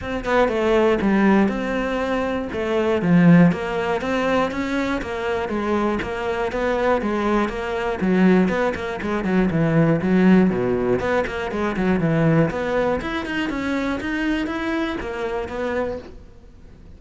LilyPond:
\new Staff \with { instrumentName = "cello" } { \time 4/4 \tempo 4 = 120 c'8 b8 a4 g4 c'4~ | c'4 a4 f4 ais4 | c'4 cis'4 ais4 gis4 | ais4 b4 gis4 ais4 |
fis4 b8 ais8 gis8 fis8 e4 | fis4 b,4 b8 ais8 gis8 fis8 | e4 b4 e'8 dis'8 cis'4 | dis'4 e'4 ais4 b4 | }